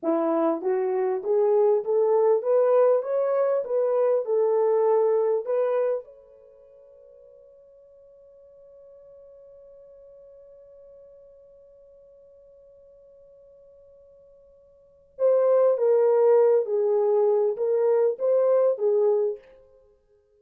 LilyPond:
\new Staff \with { instrumentName = "horn" } { \time 4/4 \tempo 4 = 99 e'4 fis'4 gis'4 a'4 | b'4 cis''4 b'4 a'4~ | a'4 b'4 cis''2~ | cis''1~ |
cis''1~ | cis''1~ | cis''4 c''4 ais'4. gis'8~ | gis'4 ais'4 c''4 gis'4 | }